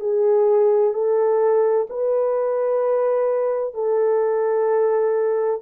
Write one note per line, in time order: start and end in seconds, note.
0.00 0.93 G#4
0.93 1.87 A4
1.89 3.74 B4
3.74 5.61 A4